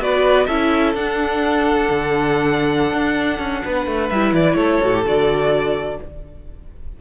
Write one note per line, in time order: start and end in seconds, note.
0.00 0.47 B3
0.00 0.48 F#4
0.00 0.47 B4
0.00 0.46 D5
0.46 0.95 C#4
0.46 0.96 E4
0.46 3.63 A4
0.46 0.93 E5
0.95 1.88 D4
0.95 4.13 D4
0.95 4.09 F#5
1.90 2.93 D3
2.93 3.39 D4
3.39 3.62 C#4
3.65 3.87 B3
3.65 4.57 B4
3.87 4.10 A3
4.09 4.34 G3
4.09 4.82 E4
4.09 4.33 E5
4.34 4.56 E3
4.34 4.56 D5
4.56 4.79 A3
4.56 5.97 A4
4.56 5.02 C#5
4.82 5.05 A2
4.82 4.94 F#4
4.94 5.06 G4
5.05 5.98 D3
5.05 6.00 F#4
5.05 6.01 D5